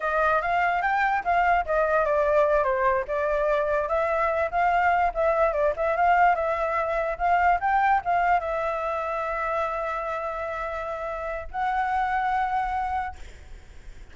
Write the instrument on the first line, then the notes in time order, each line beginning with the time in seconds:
flute
0.00 D#5
0.41 F5
0.82 G5
1.24 F5
1.65 D#5
2.05 D5
2.63 C5
3.07 D5
3.88 E5
4.50 F5
5.14 E5
5.52 D5
5.76 E5
5.96 F5
6.35 E5
7.17 F5
7.60 G5
8.05 F5
8.39 E5
11.51 F#5